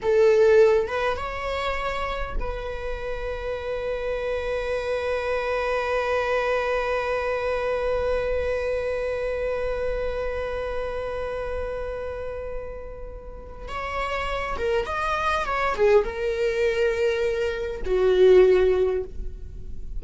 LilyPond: \new Staff \with { instrumentName = "viola" } { \time 4/4 \tempo 4 = 101 a'4. b'8 cis''2 | b'1~ | b'1~ | b'1~ |
b'1~ | b'2. cis''4~ | cis''8 ais'8 dis''4 cis''8 gis'8 ais'4~ | ais'2 fis'2 | }